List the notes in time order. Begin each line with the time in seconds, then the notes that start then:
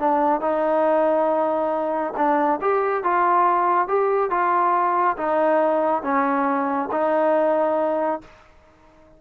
0.00 D4
0.41 D#4
2.17 D4
2.62 G4
3.04 F4
3.88 G4
4.31 F4
5.18 D#4
6.03 C#4
6.92 D#4